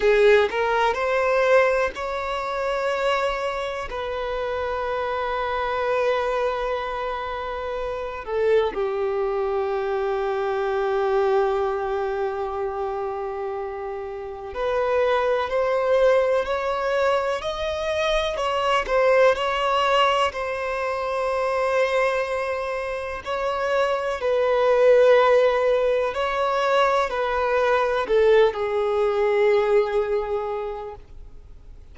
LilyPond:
\new Staff \with { instrumentName = "violin" } { \time 4/4 \tempo 4 = 62 gis'8 ais'8 c''4 cis''2 | b'1~ | b'8 a'8 g'2.~ | g'2. b'4 |
c''4 cis''4 dis''4 cis''8 c''8 | cis''4 c''2. | cis''4 b'2 cis''4 | b'4 a'8 gis'2~ gis'8 | }